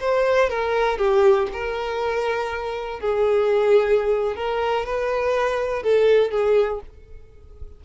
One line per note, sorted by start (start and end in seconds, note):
0.00 0.50 C5
0.50 0.98 A#4
0.98 1.48 G4
1.53 3.00 A#4
3.00 4.36 G#4
4.36 4.85 A#4
4.85 5.83 B4
5.83 6.31 A4
6.31 6.80 G#4